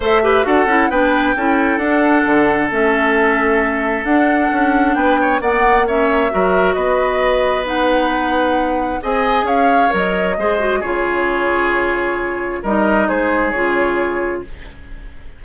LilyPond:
<<
  \new Staff \with { instrumentName = "flute" } { \time 4/4 \tempo 4 = 133 e''4 fis''4 g''2 | fis''2 e''2~ | e''4 fis''2 g''4 | fis''4 e''2 dis''4~ |
dis''4 fis''2. | gis''4 f''4 dis''2 | cis''1 | dis''4 c''4 cis''2 | }
  \new Staff \with { instrumentName = "oboe" } { \time 4/4 c''8 b'8 a'4 b'4 a'4~ | a'1~ | a'2. b'8 cis''8 | d''4 cis''4 ais'4 b'4~ |
b'1 | dis''4 cis''2 c''4 | gis'1 | ais'4 gis'2. | }
  \new Staff \with { instrumentName = "clarinet" } { \time 4/4 a'8 g'8 fis'8 e'8 d'4 e'4 | d'2 cis'2~ | cis'4 d'2. | b4 cis'4 fis'2~ |
fis'4 dis'2. | gis'2 ais'4 gis'8 fis'8 | f'1 | dis'2 f'2 | }
  \new Staff \with { instrumentName = "bassoon" } { \time 4/4 a4 d'8 cis'8 b4 cis'4 | d'4 d4 a2~ | a4 d'4 cis'4 b4 | ais2 fis4 b4~ |
b1 | c'4 cis'4 fis4 gis4 | cis1 | g4 gis4 cis2 | }
>>